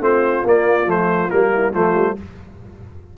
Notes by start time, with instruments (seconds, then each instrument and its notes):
0.00 tuba A3, trombone C4, horn F4, trumpet C5
0.44 tuba A#3, trombone A#3, trumpet D5
0.86 tuba F3, trombone A3, trumpet C5
1.30 tuba G3, trombone A#3, trumpet A#4
1.53 horn E4
1.73 tuba F3, trombone A3, horn F4, trumpet C5
1.95 tuba G3